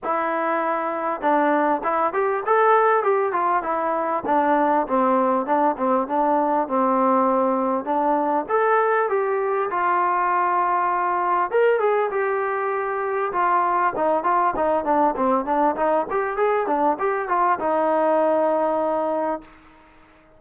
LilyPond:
\new Staff \with { instrumentName = "trombone" } { \time 4/4 \tempo 4 = 99 e'2 d'4 e'8 g'8 | a'4 g'8 f'8 e'4 d'4 | c'4 d'8 c'8 d'4 c'4~ | c'4 d'4 a'4 g'4 |
f'2. ais'8 gis'8 | g'2 f'4 dis'8 f'8 | dis'8 d'8 c'8 d'8 dis'8 g'8 gis'8 d'8 | g'8 f'8 dis'2. | }